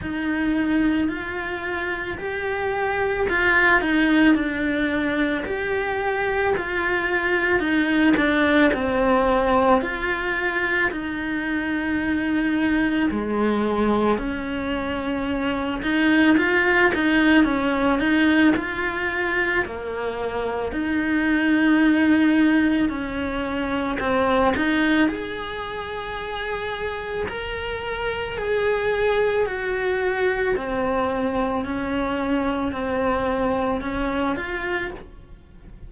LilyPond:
\new Staff \with { instrumentName = "cello" } { \time 4/4 \tempo 4 = 55 dis'4 f'4 g'4 f'8 dis'8 | d'4 g'4 f'4 dis'8 d'8 | c'4 f'4 dis'2 | gis4 cis'4. dis'8 f'8 dis'8 |
cis'8 dis'8 f'4 ais4 dis'4~ | dis'4 cis'4 c'8 dis'8 gis'4~ | gis'4 ais'4 gis'4 fis'4 | c'4 cis'4 c'4 cis'8 f'8 | }